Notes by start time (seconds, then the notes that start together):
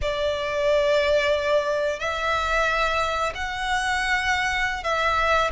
0.02 D5
1.99 E5
3.34 F#5
4.83 E5